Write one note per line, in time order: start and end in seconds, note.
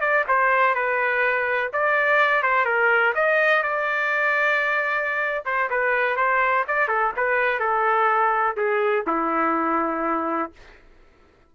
0.00 0.24 D5
0.28 0.74 C5
0.74 1.71 B4
1.72 2.42 D5
2.42 2.65 C5
2.65 3.13 A#4
3.15 3.63 D#5
3.63 5.44 D5
5.45 5.69 C5
5.69 6.16 B4
6.16 6.64 C5
6.67 6.88 D5
6.88 7.12 A4
7.16 7.59 B4
7.59 8.56 A4
8.56 9.05 G#4
9.06 10.52 E4